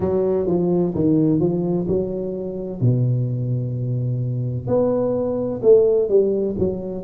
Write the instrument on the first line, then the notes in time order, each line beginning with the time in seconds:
tuba
0.00 F#3
0.46 F3
0.95 D#3
1.40 F3
1.87 F#3
2.80 B2
4.67 B3
5.62 A3
6.09 G3
6.58 F#3